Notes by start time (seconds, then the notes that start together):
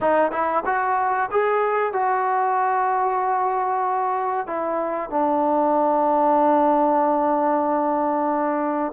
0.00 D#4
0.31 E4
0.65 F#4
1.31 G#4
1.92 F#4
4.47 E4
5.10 D4